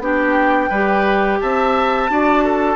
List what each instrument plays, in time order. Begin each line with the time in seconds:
0.00 bassoon B3, clarinet D4, oboe G4, flute G5
0.70 bassoon G3, clarinet G4, oboe B4
1.41 bassoon C4, oboe E5, flute A5
2.10 bassoon D4, clarinet F#4, oboe D5
2.45 oboe A4